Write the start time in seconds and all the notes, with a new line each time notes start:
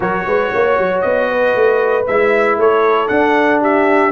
0.00 F#3 F#4 A#4 C#5
0.26 G#3 B4
0.53 A#3 C#5
0.78 F#3
1.01 B3 D#5
1.29 B4
1.55 A3
2.06 G#3 E4 E5
2.57 A3 A4 C#5
3.07 D4 F#5
3.61 G4 E5